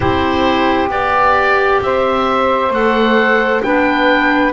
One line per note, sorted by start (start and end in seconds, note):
0.00 0.89 C4
0.00 0.88 E4
0.00 1.81 G4
0.00 0.89 C5
0.88 1.80 B3
0.88 2.70 G4
0.88 1.81 D5
1.81 2.70 C4
1.81 3.63 C5
1.81 2.73 E5
2.70 3.61 A3
2.70 3.63 A4
2.70 3.62 F#5
3.62 4.52 B3
3.62 4.52 D4
3.62 4.52 B4
3.62 4.52 G5